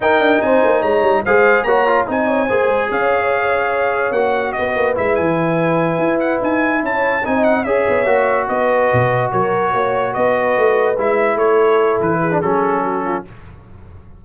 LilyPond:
<<
  \new Staff \with { instrumentName = "trumpet" } { \time 4/4 \tempo 4 = 145 g''4 gis''4 ais''4 f''4 | ais''4 gis''2 f''4~ | f''2 fis''4 dis''4 | e''8 gis''2~ gis''8 fis''8 gis''8~ |
gis''8 a''4 gis''8 fis''8 e''4.~ | e''8 dis''2 cis''4.~ | cis''8 dis''2 e''4 cis''8~ | cis''4 b'4 a'2 | }
  \new Staff \with { instrumentName = "horn" } { \time 4/4 ais'4 c''4 cis''4 c''4 | cis''4 dis''8 cis''8 c''4 cis''4~ | cis''2. b'4~ | b'1~ |
b'8 cis''4 dis''4 cis''4.~ | cis''8 b'2 ais'4 cis''8~ | cis''8 b'2. a'8~ | a'4. gis'4. fis'8 f'8 | }
  \new Staff \with { instrumentName = "trombone" } { \time 4/4 dis'2. gis'4 | fis'8 f'8 dis'4 gis'2~ | gis'2 fis'2 | e'1~ |
e'4. dis'4 gis'4 fis'8~ | fis'1~ | fis'2~ fis'8 e'4.~ | e'4.~ e'16 d'16 cis'2 | }
  \new Staff \with { instrumentName = "tuba" } { \time 4/4 dis'8 d'8 c'8 ais8 gis8 g8 gis4 | ais4 c'4 ais8 gis8 cis'4~ | cis'2 ais4 b8 ais8 | gis8 e2 e'4 dis'8~ |
dis'8 cis'4 c'4 cis'8 b8 ais8~ | ais8 b4 b,4 fis4 ais8~ | ais8 b4 a4 gis4 a8~ | a4 e4 fis2 | }
>>